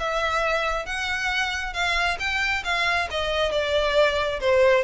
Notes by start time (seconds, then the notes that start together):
0.00 E5
0.86 F#5
1.74 F5
2.20 G5
2.65 F5
3.11 D#5
3.52 D5
4.40 C5